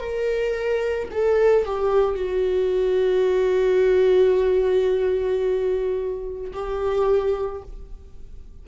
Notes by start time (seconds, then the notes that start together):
0.00 A#4
1.11 A4
1.65 G4
2.15 F#4
6.53 G4